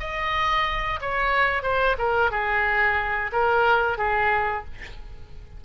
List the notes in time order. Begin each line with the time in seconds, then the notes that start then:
0.00 D#5
1.01 C#5
1.63 C5
1.98 A#4
2.31 G#4
3.32 A#4
3.98 G#4